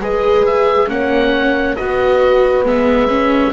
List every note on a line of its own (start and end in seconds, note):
0.00 0.88 G#3
0.00 0.87 G#4
0.00 0.89 B4
0.00 0.45 D#5
0.45 0.89 E5
0.87 1.76 A#3
0.87 1.75 C#4
0.87 1.78 C#5
0.87 1.75 F#5
1.75 2.65 B3
1.75 2.65 F#4
1.75 3.53 B4
1.75 2.64 D#5
2.65 3.53 G#3
2.65 3.08 B3
2.65 3.53 E5
3.08 3.52 C#4